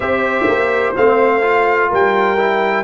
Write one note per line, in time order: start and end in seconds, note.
0.00 0.45 C4
0.00 0.95 G4
0.00 1.89 C5
0.00 0.93 E5
0.46 0.94 A#3
0.96 1.91 A3
0.96 1.41 C4
0.96 1.91 F5
1.41 2.37 F4
1.89 2.83 G3
1.89 2.83 A#4
1.89 2.83 G5
2.38 2.83 E4